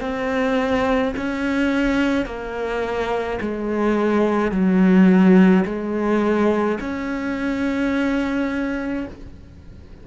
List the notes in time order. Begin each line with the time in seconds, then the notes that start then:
0.00 C4
1.16 C#4
2.25 A#3
3.41 G#3
4.51 F#3
5.65 G#3
6.80 C#4